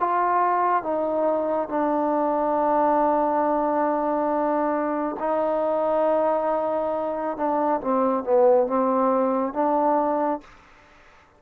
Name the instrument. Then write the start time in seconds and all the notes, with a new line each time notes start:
trombone
0.00 F4
0.83 D#4
1.69 D4
5.20 D#4
7.38 D4
7.81 C4
8.24 B3
8.68 C4
9.54 D4